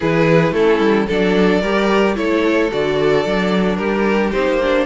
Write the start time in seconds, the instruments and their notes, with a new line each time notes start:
0.00 cello E3, viola E4, violin G#4 B4
0.52 cello A3, viola C#4, violin E4 A4
0.79 cello G3
1.07 cello F#3, viola D4, violin A4 D5
1.61 cello G3, viola G4, violin A#4
2.15 cello A3, viola E4, violin A4 C#5
2.71 cello D3, viola F#4, violin D5
3.24 cello F#3, viola D4
3.76 cello G3, violin G4 A#4
4.32 cello C4, viola D#4, violin C5
4.47 cello A#3
4.61 viola D4